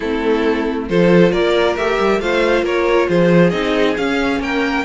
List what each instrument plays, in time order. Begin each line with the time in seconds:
0.00 cello A3, viola C4, violin E4 A4
0.89 cello F3, viola F4, violin A4 C5
1.32 cello A#3, violin A#4 D5
1.76 cello A3, viola G4, violin E5
1.99 cello G3
2.20 cello A3, viola F4, violin C5 F5
2.62 cello A#3, violin A#4 C#5
3.08 cello F3, violin G#4 C5
3.50 cello C4, viola D#4, violin D#5
3.97 cello C#4, viola C#4, violin F5
4.39 cello A#3, violin A#4 G5